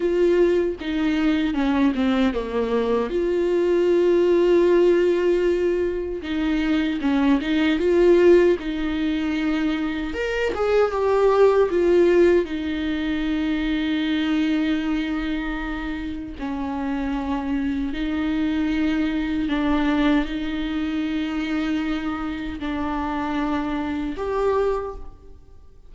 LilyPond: \new Staff \with { instrumentName = "viola" } { \time 4/4 \tempo 4 = 77 f'4 dis'4 cis'8 c'8 ais4 | f'1 | dis'4 cis'8 dis'8 f'4 dis'4~ | dis'4 ais'8 gis'8 g'4 f'4 |
dis'1~ | dis'4 cis'2 dis'4~ | dis'4 d'4 dis'2~ | dis'4 d'2 g'4 | }